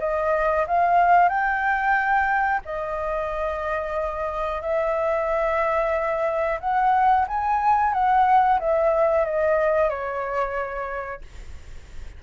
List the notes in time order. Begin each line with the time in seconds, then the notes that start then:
0.00 D#5
0.67 F5
1.29 G5
2.66 D#5
4.62 E5
6.60 F#5
7.28 G#5
7.94 F#5
8.60 E5
9.25 D#5
9.90 C#5